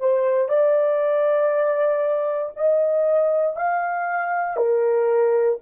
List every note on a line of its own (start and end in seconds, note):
0.00 0.49 C5
0.49 2.52 D5
2.56 3.56 D#5
3.56 4.57 F5
4.57 5.58 A#4